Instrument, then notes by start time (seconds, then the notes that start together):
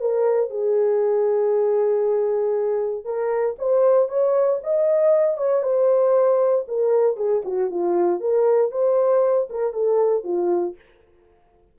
horn
0.00 A#4
0.50 G#4
3.04 A#4
3.58 C5
4.08 C#5
4.63 D#5
5.37 C#5
5.62 C5
6.68 A#4
7.16 G#4
7.45 F#4
7.70 F4
8.20 A#4
8.71 C5
9.50 A#4
9.73 A4
10.24 F4